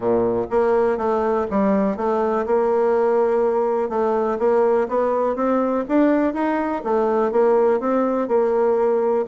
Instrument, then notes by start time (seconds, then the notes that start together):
bassoon
0.00 A#2
0.50 A#3
0.97 A3
1.50 G3
1.96 A3
2.45 A#3
3.89 A3
4.38 A#3
4.88 B3
5.35 C4
5.88 D4
6.33 D#4
6.84 A3
7.31 A#3
7.79 C4
8.27 A#3